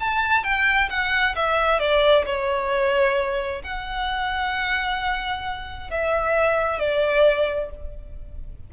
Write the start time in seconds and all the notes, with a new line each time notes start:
0.00 A5
0.44 G5
0.90 F#5
1.36 E5
1.80 D5
2.26 C#5
3.64 F#5
5.90 E5
6.80 D5